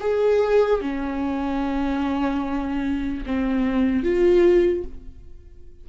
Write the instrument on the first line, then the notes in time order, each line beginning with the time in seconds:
viola
0.00 G#4
0.81 C#4
3.26 C4
4.03 F4